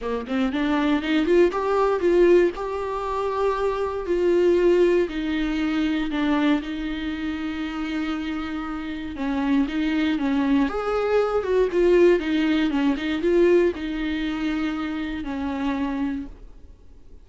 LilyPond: \new Staff \with { instrumentName = "viola" } { \time 4/4 \tempo 4 = 118 ais8 c'8 d'4 dis'8 f'8 g'4 | f'4 g'2. | f'2 dis'2 | d'4 dis'2.~ |
dis'2 cis'4 dis'4 | cis'4 gis'4. fis'8 f'4 | dis'4 cis'8 dis'8 f'4 dis'4~ | dis'2 cis'2 | }